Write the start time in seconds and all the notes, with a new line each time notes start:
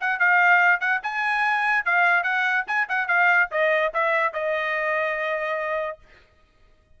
0.00 F#5
0.19 F5
0.80 F#5
1.02 G#5
1.85 F5
2.23 F#5
2.67 G#5
2.88 F#5
3.07 F5
3.51 D#5
3.93 E5
4.33 D#5